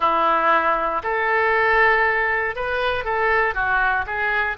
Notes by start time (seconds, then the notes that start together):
0.00 E4
1.03 A4
2.55 B4
3.04 A4
3.54 F#4
4.06 G#4